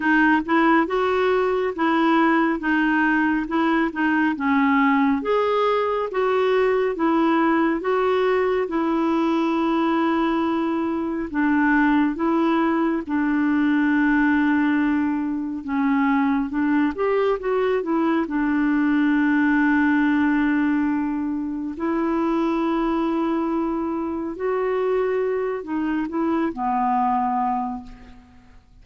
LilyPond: \new Staff \with { instrumentName = "clarinet" } { \time 4/4 \tempo 4 = 69 dis'8 e'8 fis'4 e'4 dis'4 | e'8 dis'8 cis'4 gis'4 fis'4 | e'4 fis'4 e'2~ | e'4 d'4 e'4 d'4~ |
d'2 cis'4 d'8 g'8 | fis'8 e'8 d'2.~ | d'4 e'2. | fis'4. dis'8 e'8 b4. | }